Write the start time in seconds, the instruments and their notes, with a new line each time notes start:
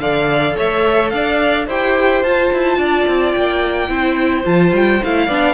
0.00 cello D3, viola A4, violin D5 F5
0.57 cello A3, violin C#5 E5
1.10 cello D4, violin D5 F5
1.67 cello E4, viola G4, violin C5 G5
2.23 cello F4, viola F4, violin A5
2.53 cello E4
2.77 cello D4, violin D5
3.07 cello C4
3.32 cello A#3, violin G5
3.89 cello C4, viola E4, violin C5
4.45 cello F3, viola F4, violin A5
4.73 cello G3, violin G5
5.04 cello A3, viola E4, violin F5
5.27 cello B3, viola D4, violin D5